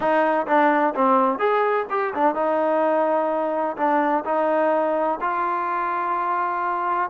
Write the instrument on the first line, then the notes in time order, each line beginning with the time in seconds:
trombone
0.00 D#4
0.46 D4
0.94 C4
1.39 G#4
1.90 G4
2.14 D4
2.35 D#4
3.76 D4
4.24 D#4
5.21 F4